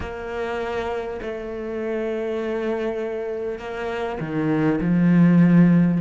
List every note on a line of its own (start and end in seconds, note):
0.00 1.20 A#3
1.22 3.58 A3
3.58 4.18 A#3
4.20 4.80 D#3
4.81 6.01 F3